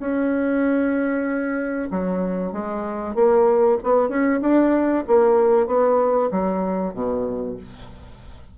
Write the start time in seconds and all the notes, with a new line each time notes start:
0.00 C#4
1.91 F#3
2.53 G#3
3.16 A#3
3.84 B3
4.09 C#4
4.42 D4
5.08 A#3
5.67 B3
6.32 F#3
6.94 B2